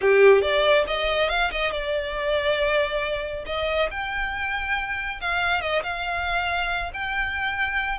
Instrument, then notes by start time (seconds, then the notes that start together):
violin
0.01 G4
0.41 D5
0.87 D#5
1.29 F5
1.51 D#5
1.71 D5
3.46 D#5
3.90 G5
5.21 F5
5.61 D#5
5.83 F5
6.93 G5